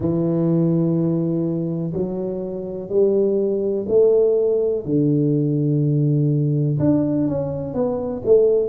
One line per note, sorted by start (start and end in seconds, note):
0.00 1.92 E3
1.93 2.89 F#3
2.89 3.86 G3
3.88 4.85 A3
4.85 6.78 D3
6.79 7.27 D4
7.27 7.74 C#4
7.74 8.22 B3
8.25 8.69 A3